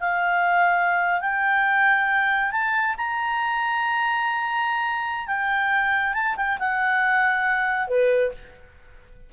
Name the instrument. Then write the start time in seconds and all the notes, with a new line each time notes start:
clarinet
0.00 F5
1.21 G5
2.51 A5
2.97 A#5
5.27 G5
6.14 A5
6.36 G5
6.59 F#5
7.88 B4